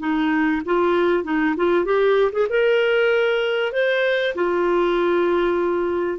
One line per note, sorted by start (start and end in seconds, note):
0.00 0.62 D#4
0.66 1.24 F4
1.24 1.55 D#4
1.56 1.85 F4
1.85 2.31 G4
2.32 2.47 G#4
2.49 3.73 A#4
3.73 4.34 C5
4.35 6.19 F4